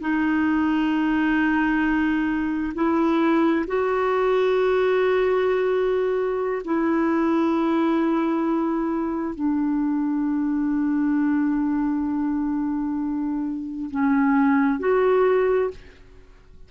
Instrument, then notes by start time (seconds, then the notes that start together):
clarinet
0.00 D#4
2.74 E4
3.67 F#4
6.64 E4
9.35 D4
13.90 C#4
14.79 F#4